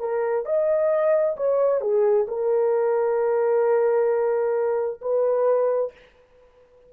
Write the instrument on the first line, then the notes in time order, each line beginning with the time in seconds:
horn
0.00 A#4
0.46 D#5
1.37 C#5
1.81 G#4
2.28 A#4
5.02 B4